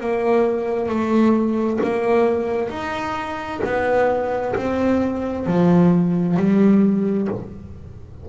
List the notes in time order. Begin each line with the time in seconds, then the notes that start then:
0.00 A#3
0.89 A3
1.83 A#3
2.70 D#4
3.64 B3
4.56 C4
5.47 F3
6.37 G3